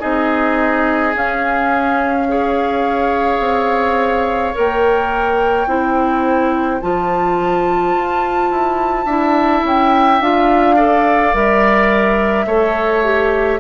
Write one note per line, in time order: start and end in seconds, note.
0.00 1.15 C4
0.00 1.13 D#4
0.00 2.27 G#4
0.00 1.14 D#5
1.14 2.27 C#4
1.14 3.39 C#4
1.14 4.56 F5
2.28 4.53 G#4
2.28 5.69 C#5
3.39 4.53 C4
4.53 5.67 A#3
4.53 5.67 A#4
4.53 6.81 G5
5.67 6.80 C4
5.67 6.81 E4
5.67 9.05 C5
6.81 7.95 F3
6.81 9.08 F4
6.81 9.64 A5
7.95 8.51 F4
8.51 9.05 E4
9.05 9.62 D4
9.05 10.21 E4
9.05 10.75 E5
9.64 10.20 C#4
9.64 10.22 G5
10.20 11.33 D4
10.20 10.77 F4
10.20 11.35 F5
10.76 11.33 A4
10.76 12.46 D5
11.33 12.46 G3
11.33 12.47 A#4
11.33 13.60 E5
12.46 13.59 A3
12.46 13.04 A4
12.46 13.60 C#5
13.04 13.60 G4